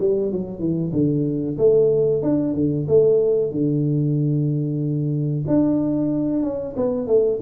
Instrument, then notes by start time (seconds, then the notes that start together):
tuba
0.00 G3
0.32 F#3
0.60 E3
0.93 D3
1.58 A3
2.23 D4
2.54 D3
2.88 A3
3.52 D3
5.48 D4
6.43 C#4
6.77 B3
7.07 A3